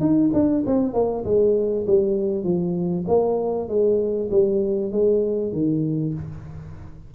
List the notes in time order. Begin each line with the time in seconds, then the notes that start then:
0.00 D#4
0.33 D4
0.66 C4
0.93 A#3
1.25 G#3
1.87 G3
2.44 F3
3.07 A#3
3.68 G#3
4.31 G3
4.92 G#3
5.53 D#3